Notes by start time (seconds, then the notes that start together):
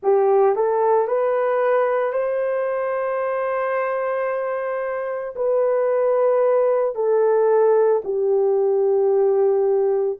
0.02 G4
0.56 A4
1.07 B4
2.12 C5
5.35 B4
6.94 A4
8.04 G4